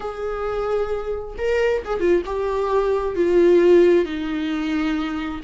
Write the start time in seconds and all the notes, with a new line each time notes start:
0.00 G#4
1.37 A#4
1.85 G#4
2.00 F4
2.25 G4
3.15 F4
4.05 D#4